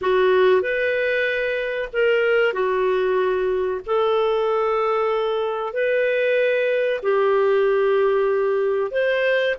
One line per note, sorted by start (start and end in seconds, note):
0.01 0.61 F#4
0.61 1.89 B4
1.93 2.53 A#4
2.53 3.80 F#4
3.86 5.73 A4
5.73 7.01 B4
7.02 8.91 G4
8.91 9.55 C5